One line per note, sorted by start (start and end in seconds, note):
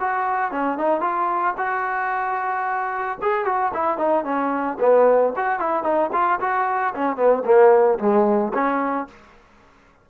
0.00 0.51 F#4
0.51 0.78 C#4
0.78 1.01 D#4
1.01 1.54 F4
1.58 3.18 F#4
3.22 3.45 G#4
3.45 3.72 F#4
3.74 3.98 E4
3.98 4.24 D#4
4.24 4.78 C#4
4.80 5.34 B3
5.36 5.60 F#4
5.60 5.84 E4
5.84 6.10 D#4
6.13 6.39 F4
6.40 6.94 F#4
6.95 7.16 C#4
7.16 7.43 B3
7.45 7.99 A#3
7.99 8.53 G#3
8.54 9.08 C#4